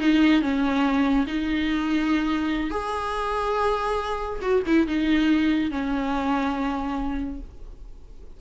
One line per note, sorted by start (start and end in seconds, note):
0.00 0.42 D#4
0.42 1.26 C#4
1.27 2.71 D#4
2.71 4.40 G#4
4.42 4.63 F#4
4.67 4.87 E4
4.87 5.71 D#4
5.71 7.40 C#4